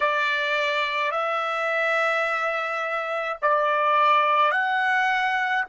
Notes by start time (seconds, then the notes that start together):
0.00 D5
1.11 E5
3.41 D5
4.51 F#5